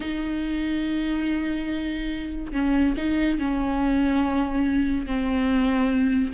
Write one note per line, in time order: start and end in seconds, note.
0.00 2.52 D#4
2.52 2.94 C#4
2.97 3.38 D#4
3.38 5.06 C#4
5.06 6.33 C4